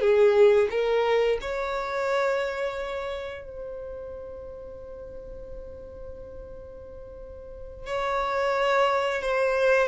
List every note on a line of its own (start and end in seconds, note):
0.00 0.68 G#4
0.70 1.38 A#4
1.41 3.45 C#5
3.45 7.86 C5
7.86 9.21 C#5
9.21 9.87 C5